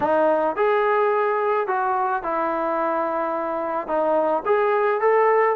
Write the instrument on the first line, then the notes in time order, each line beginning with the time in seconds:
trombone
0.00 D#4
0.56 G#4
1.67 F#4
2.22 E4
3.87 D#4
4.45 G#4
5.01 A4